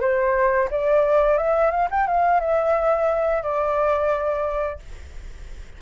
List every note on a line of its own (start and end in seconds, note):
0.00 0.68 C5
0.70 1.37 D5
1.37 1.71 E5
1.71 1.88 F5
1.90 2.07 G5
2.07 2.40 F5
2.40 3.42 E5
3.42 4.79 D5